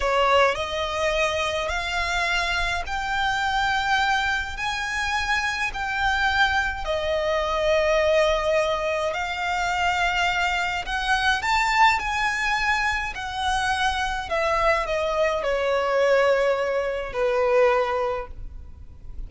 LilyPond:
\new Staff \with { instrumentName = "violin" } { \time 4/4 \tempo 4 = 105 cis''4 dis''2 f''4~ | f''4 g''2. | gis''2 g''2 | dis''1 |
f''2. fis''4 | a''4 gis''2 fis''4~ | fis''4 e''4 dis''4 cis''4~ | cis''2 b'2 | }